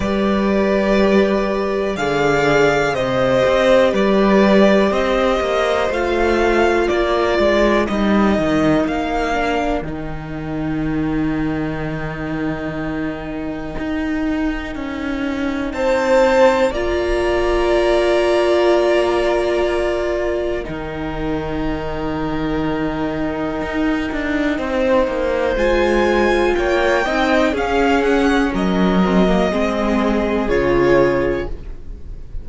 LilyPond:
<<
  \new Staff \with { instrumentName = "violin" } { \time 4/4 \tempo 4 = 61 d''2 f''4 dis''4 | d''4 dis''4 f''4 d''4 | dis''4 f''4 g''2~ | g''1 |
a''4 ais''2.~ | ais''4 g''2.~ | g''2 gis''4 g''4 | f''8 fis''8 dis''2 cis''4 | }
  \new Staff \with { instrumentName = "violin" } { \time 4/4 b'2 d''4 c''4 | b'4 c''2 ais'4~ | ais'1~ | ais'1 |
c''4 d''2.~ | d''4 ais'2.~ | ais'4 c''2 cis''8 dis''8 | gis'4 ais'4 gis'2 | }
  \new Staff \with { instrumentName = "viola" } { \time 4/4 g'2 gis'4 g'4~ | g'2 f'2 | dis'4. d'8 dis'2~ | dis'1~ |
dis'4 f'2.~ | f'4 dis'2.~ | dis'2 f'4. dis'8 | cis'4. c'16 ais16 c'4 f'4 | }
  \new Staff \with { instrumentName = "cello" } { \time 4/4 g2 d4 c8 c'8 | g4 c'8 ais8 a4 ais8 gis8 | g8 dis8 ais4 dis2~ | dis2 dis'4 cis'4 |
c'4 ais2.~ | ais4 dis2. | dis'8 d'8 c'8 ais8 gis4 ais8 c'8 | cis'4 fis4 gis4 cis4 | }
>>